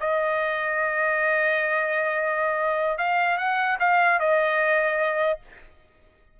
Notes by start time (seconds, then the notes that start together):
0.00 D#5
2.98 F5
3.38 F#5
3.80 F5
4.20 D#5